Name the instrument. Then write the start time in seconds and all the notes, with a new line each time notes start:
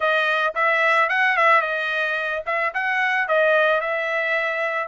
trumpet
0.00 D#5
0.55 E5
1.09 F#5
1.36 E5
1.61 D#5
2.45 E5
2.74 F#5
3.28 D#5
3.81 E5